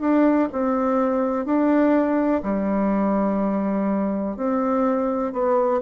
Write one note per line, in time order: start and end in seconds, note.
0.00 0.48 D4
0.52 1.45 C4
1.45 2.42 D4
2.43 4.36 G3
4.37 5.32 C4
5.32 5.81 B3